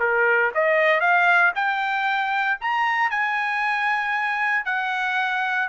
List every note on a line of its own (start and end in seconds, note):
0.00 0.52 A#4
0.55 1.01 D#5
1.01 1.52 F5
1.55 2.59 G5
2.61 3.11 A#5
3.11 4.65 G#5
4.65 5.69 F#5